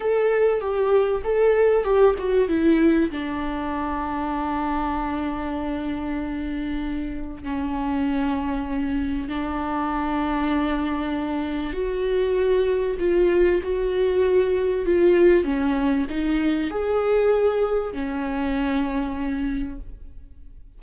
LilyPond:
\new Staff \with { instrumentName = "viola" } { \time 4/4 \tempo 4 = 97 a'4 g'4 a'4 g'8 fis'8 | e'4 d'2.~ | d'1 | cis'2. d'4~ |
d'2. fis'4~ | fis'4 f'4 fis'2 | f'4 cis'4 dis'4 gis'4~ | gis'4 cis'2. | }